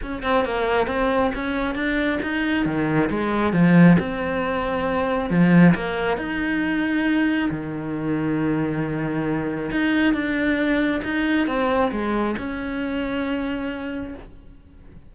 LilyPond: \new Staff \with { instrumentName = "cello" } { \time 4/4 \tempo 4 = 136 cis'8 c'8 ais4 c'4 cis'4 | d'4 dis'4 dis4 gis4 | f4 c'2. | f4 ais4 dis'2~ |
dis'4 dis2.~ | dis2 dis'4 d'4~ | d'4 dis'4 c'4 gis4 | cis'1 | }